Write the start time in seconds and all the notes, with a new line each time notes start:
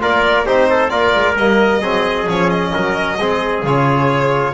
0.00 A#3 F4 A#4 D5
0.46 C4 D#4 G4 C5
0.70 A4
0.90 A#3 F4 A#4 D5
1.15 G#3
1.37 G3 A#3 D#5
1.81 F#3 C4 G#4
2.27 F3 C#4 C#5
2.50 D#5
2.74 F#3 A#4
3.18 G#3 C4 G#4
3.63 C#3 F4 C#5